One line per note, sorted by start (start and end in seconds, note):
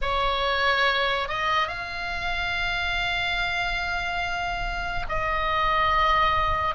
0.01 1.28 C#5
1.28 1.67 D#5
1.67 5.06 F5
5.09 6.74 D#5